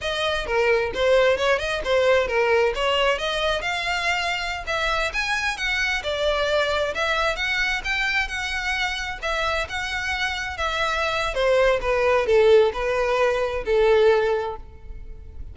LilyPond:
\new Staff \with { instrumentName = "violin" } { \time 4/4 \tempo 4 = 132 dis''4 ais'4 c''4 cis''8 dis''8 | c''4 ais'4 cis''4 dis''4 | f''2~ f''16 e''4 gis''8.~ | gis''16 fis''4 d''2 e''8.~ |
e''16 fis''4 g''4 fis''4.~ fis''16~ | fis''16 e''4 fis''2 e''8.~ | e''4 c''4 b'4 a'4 | b'2 a'2 | }